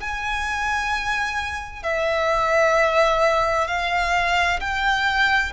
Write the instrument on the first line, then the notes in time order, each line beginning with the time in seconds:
violin
0.00 G#5
1.83 E5
3.67 F5
4.60 G5